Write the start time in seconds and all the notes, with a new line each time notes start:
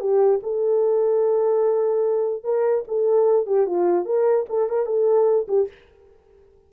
0.00 G4
0.43 A4
2.44 A#4
2.88 A4
3.47 G4
3.66 F4
4.05 A#4
4.49 A4
4.70 A#4
4.86 A4
5.48 G4